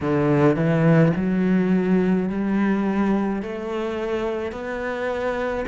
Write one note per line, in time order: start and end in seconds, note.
0.01 0.56 D3
0.56 1.12 E3
1.16 2.29 F#3
2.29 3.42 G3
3.42 4.51 A3
4.51 5.64 B3